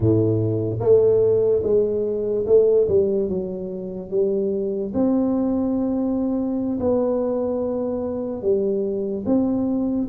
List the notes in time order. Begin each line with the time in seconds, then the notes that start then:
0.00 A2
0.80 A3
1.63 G#3
2.46 A3
2.88 G3
3.28 F#3
4.10 G3
4.94 C4
6.80 B3
8.41 G3
9.25 C4